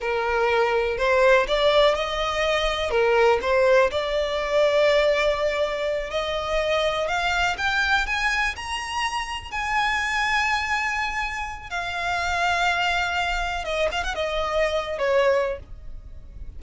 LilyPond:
\new Staff \with { instrumentName = "violin" } { \time 4/4 \tempo 4 = 123 ais'2 c''4 d''4 | dis''2 ais'4 c''4 | d''1~ | d''8 dis''2 f''4 g''8~ |
g''8 gis''4 ais''2 gis''8~ | gis''1 | f''1 | dis''8 f''16 fis''16 dis''4.~ dis''16 cis''4~ cis''16 | }